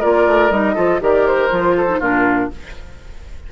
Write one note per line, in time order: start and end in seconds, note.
0.00 0.27 A#3
0.00 0.52 F4
0.00 0.75 A#4
0.00 0.51 D5
0.27 0.51 A3
0.51 0.76 G3
0.51 0.76 D#4
0.51 1.01 D#5
0.75 1.01 F3
0.75 1.01 F4
0.75 1.00 A4
1.01 1.51 D#3
1.01 1.50 G4
1.01 1.77 A#4
1.01 1.27 D5
1.27 2.02 C5
1.50 2.00 F3
1.50 1.88 F4
1.77 2.00 A4
1.88 2.01 D#4
2.00 2.50 A#2
2.00 2.51 D4
2.00 2.50 F4
2.00 2.52 A#4